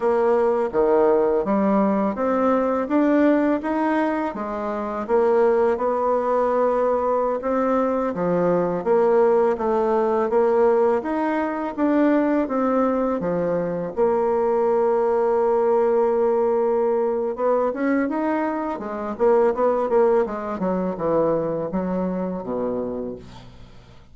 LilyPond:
\new Staff \with { instrumentName = "bassoon" } { \time 4/4 \tempo 4 = 83 ais4 dis4 g4 c'4 | d'4 dis'4 gis4 ais4 | b2~ b16 c'4 f8.~ | f16 ais4 a4 ais4 dis'8.~ |
dis'16 d'4 c'4 f4 ais8.~ | ais1 | b8 cis'8 dis'4 gis8 ais8 b8 ais8 | gis8 fis8 e4 fis4 b,4 | }